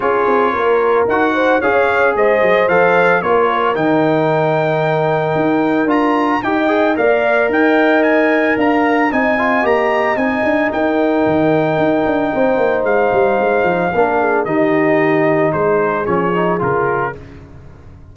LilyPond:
<<
  \new Staff \with { instrumentName = "trumpet" } { \time 4/4 \tempo 4 = 112 cis''2 fis''4 f''4 | dis''4 f''4 cis''4 g''4~ | g''2. ais''4 | g''4 f''4 g''4 gis''4 |
ais''4 gis''4 ais''4 gis''4 | g''1 | f''2. dis''4~ | dis''4 c''4 cis''4 ais'4 | }
  \new Staff \with { instrumentName = "horn" } { \time 4/4 gis'4 ais'4. c''8 cis''4 | c''2 ais'2~ | ais'1 | dis''4 d''4 dis''2 |
f''4 dis''2. | ais'2. c''4~ | c''2 ais'8 gis'8 g'4~ | g'4 gis'2. | }
  \new Staff \with { instrumentName = "trombone" } { \time 4/4 f'2 fis'4 gis'4~ | gis'4 a'4 f'4 dis'4~ | dis'2. f'4 | g'8 gis'8 ais'2.~ |
ais'4 dis'8 f'8 g'4 dis'4~ | dis'1~ | dis'2 d'4 dis'4~ | dis'2 cis'8 dis'8 f'4 | }
  \new Staff \with { instrumentName = "tuba" } { \time 4/4 cis'8 c'8 ais4 dis'4 cis'4 | gis8 fis8 f4 ais4 dis4~ | dis2 dis'4 d'4 | dis'4 ais4 dis'2 |
d'4 c'4 ais4 c'8 d'8 | dis'4 dis4 dis'8 d'8 c'8 ais8 | gis8 g8 gis8 f8 ais4 dis4~ | dis4 gis4 f4 cis4 | }
>>